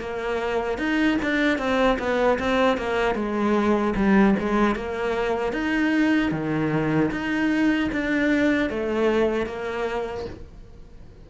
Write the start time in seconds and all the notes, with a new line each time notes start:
0.00 A#3
0.78 D#4
1.22 D4
1.58 C4
1.98 B3
2.39 C4
2.77 A#3
3.15 G#3
3.95 G3
4.39 G#3
4.75 A#3
5.52 D#4
6.31 D#3
7.11 D#4
7.92 D4
8.69 A3
9.46 A#3